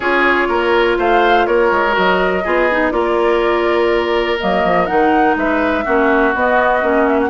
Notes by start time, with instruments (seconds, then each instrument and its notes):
0.00 bassoon C#4, clarinet F4, oboe G#4, flute C#5
0.48 bassoon A#3, oboe A#4
0.98 bassoon A3, oboe C5, flute F5
1.46 bassoon A#3, oboe A#4, flute C#5
1.71 bassoon G#3
1.92 bassoon F#3, clarinet F#4, flute D#5
2.44 bassoon B3, clarinet F4, oboe G#4
2.71 clarinet D#4
2.91 bassoon A#3, clarinet F4, oboe A#4, flute D5
4.39 bassoon F#3, clarinet A#3, flute D#5
4.64 bassoon F3
4.86 bassoon D#3, clarinet D#4, flute F#5
5.36 bassoon G#3, oboe B4, flute E5
5.84 bassoon A#3, clarinet C#4, oboe F#4
6.34 bassoon B3, clarinet B3, flute D#5
6.82 bassoon A#3, clarinet C#4
7.07 flute E5
7.20 flute F#5